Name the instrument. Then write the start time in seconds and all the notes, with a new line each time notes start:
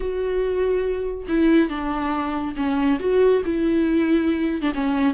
viola
0.00 F#4
1.28 E4
1.69 D4
2.56 C#4
2.99 F#4
3.45 E4
4.61 D4
4.74 C#4